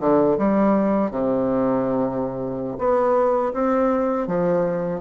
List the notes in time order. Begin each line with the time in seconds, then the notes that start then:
0.00 D3
0.38 G3
1.11 C3
2.78 B3
3.53 C4
4.27 F3